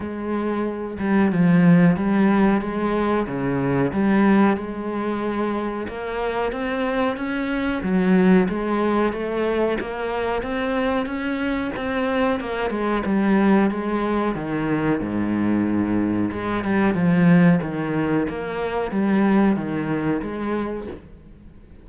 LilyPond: \new Staff \with { instrumentName = "cello" } { \time 4/4 \tempo 4 = 92 gis4. g8 f4 g4 | gis4 cis4 g4 gis4~ | gis4 ais4 c'4 cis'4 | fis4 gis4 a4 ais4 |
c'4 cis'4 c'4 ais8 gis8 | g4 gis4 dis4 gis,4~ | gis,4 gis8 g8 f4 dis4 | ais4 g4 dis4 gis4 | }